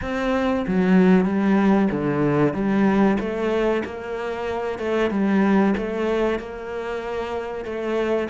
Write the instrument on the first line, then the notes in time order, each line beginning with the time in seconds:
cello
0.01 C4
0.67 F#3
1.24 G3
1.91 D3
2.53 G3
3.19 A3
3.84 A#3
4.78 A3
5.10 G3
5.77 A3
6.39 A#3
7.64 A3